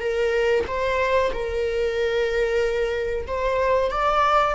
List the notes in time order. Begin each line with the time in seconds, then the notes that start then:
0.00 A#4
0.67 C5
1.33 A#4
3.27 C5
3.91 D5